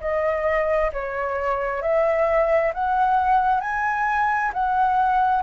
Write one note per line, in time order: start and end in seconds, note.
0.00 0.91 D#5
0.93 1.81 C#5
1.81 2.72 E5
2.73 3.60 F#5
3.60 4.51 G#5
4.53 5.42 F#5